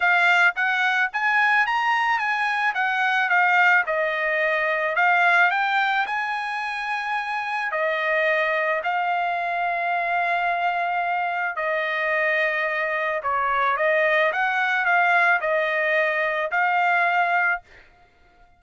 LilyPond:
\new Staff \with { instrumentName = "trumpet" } { \time 4/4 \tempo 4 = 109 f''4 fis''4 gis''4 ais''4 | gis''4 fis''4 f''4 dis''4~ | dis''4 f''4 g''4 gis''4~ | gis''2 dis''2 |
f''1~ | f''4 dis''2. | cis''4 dis''4 fis''4 f''4 | dis''2 f''2 | }